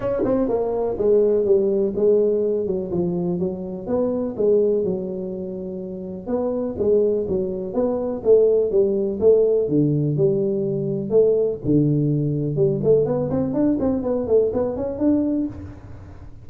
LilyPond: \new Staff \with { instrumentName = "tuba" } { \time 4/4 \tempo 4 = 124 cis'8 c'8 ais4 gis4 g4 | gis4. fis8 f4 fis4 | b4 gis4 fis2~ | fis4 b4 gis4 fis4 |
b4 a4 g4 a4 | d4 g2 a4 | d2 g8 a8 b8 c'8 | d'8 c'8 b8 a8 b8 cis'8 d'4 | }